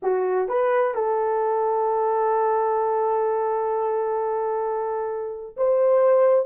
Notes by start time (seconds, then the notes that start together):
0.02 F#4
0.48 B4
0.94 A4
5.56 C5